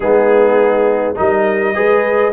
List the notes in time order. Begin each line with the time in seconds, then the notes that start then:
0.00 G#3 B3 D#4 G#4
1.15 G3 D#4 A#4 D#5
1.74 G#3 G#4 B4